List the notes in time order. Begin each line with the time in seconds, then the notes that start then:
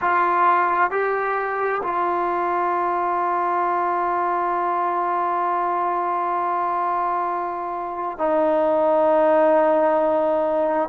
0.01 F4
0.90 G4
1.83 F4
8.18 D#4